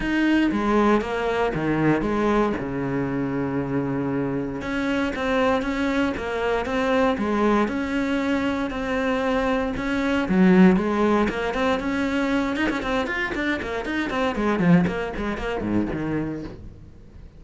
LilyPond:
\new Staff \with { instrumentName = "cello" } { \time 4/4 \tempo 4 = 117 dis'4 gis4 ais4 dis4 | gis4 cis2.~ | cis4 cis'4 c'4 cis'4 | ais4 c'4 gis4 cis'4~ |
cis'4 c'2 cis'4 | fis4 gis4 ais8 c'8 cis'4~ | cis'8 dis'16 cis'16 c'8 f'8 d'8 ais8 dis'8 c'8 | gis8 f8 ais8 gis8 ais8 gis,8 dis4 | }